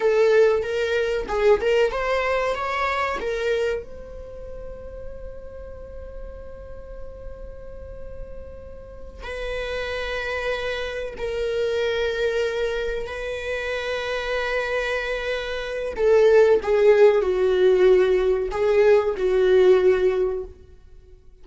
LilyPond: \new Staff \with { instrumentName = "viola" } { \time 4/4 \tempo 4 = 94 a'4 ais'4 gis'8 ais'8 c''4 | cis''4 ais'4 c''2~ | c''1~ | c''2~ c''8 b'4.~ |
b'4. ais'2~ ais'8~ | ais'8 b'2.~ b'8~ | b'4 a'4 gis'4 fis'4~ | fis'4 gis'4 fis'2 | }